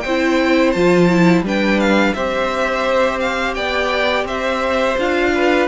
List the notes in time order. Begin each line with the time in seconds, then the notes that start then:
0.00 C4 C5 G5
0.07 E4
0.72 F3 F4 A5
1.09 E4
1.41 G3 D4 B4
1.48 G5
1.80 F5
2.13 C4 G4 C5 E5
3.19 F5
3.54 B3 D5 G5
4.24 C4 C5 E5
4.98 D4 F4 F5
5.34 B4